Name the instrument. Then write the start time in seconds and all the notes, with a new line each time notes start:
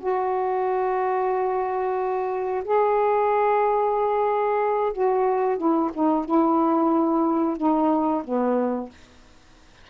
saxophone
0.00 F#4
2.64 G#4
4.93 F#4
5.58 E4
5.94 D#4
6.25 E4
7.57 D#4
8.24 B3